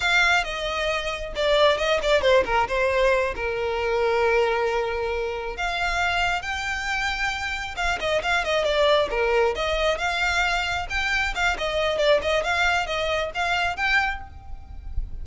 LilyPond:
\new Staff \with { instrumentName = "violin" } { \time 4/4 \tempo 4 = 135 f''4 dis''2 d''4 | dis''8 d''8 c''8 ais'8 c''4. ais'8~ | ais'1~ | ais'8 f''2 g''4.~ |
g''4. f''8 dis''8 f''8 dis''8 d''8~ | d''8 ais'4 dis''4 f''4.~ | f''8 g''4 f''8 dis''4 d''8 dis''8 | f''4 dis''4 f''4 g''4 | }